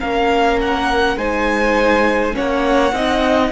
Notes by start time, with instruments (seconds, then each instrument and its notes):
0.00 cello A#3, viola C#4, violin A#4 F5
0.61 violin F#5
1.17 cello G#3, viola D#4, violin C5 G#5
2.33 viola C#4, violin C#5 F#5
2.39 cello A#3
2.92 cello C4, viola D#4, violin D#5